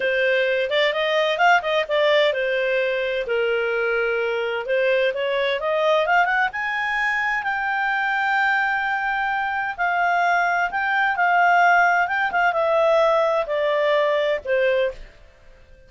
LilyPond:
\new Staff \with { instrumentName = "clarinet" } { \time 4/4 \tempo 4 = 129 c''4. d''8 dis''4 f''8 dis''8 | d''4 c''2 ais'4~ | ais'2 c''4 cis''4 | dis''4 f''8 fis''8 gis''2 |
g''1~ | g''4 f''2 g''4 | f''2 g''8 f''8 e''4~ | e''4 d''2 c''4 | }